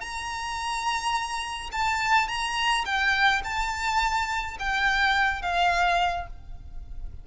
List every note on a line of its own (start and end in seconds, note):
0.00 1.70 A#5
1.72 2.28 A5
2.28 2.85 A#5
2.85 3.42 G5
3.44 4.57 A5
4.59 5.42 G5
5.42 6.27 F5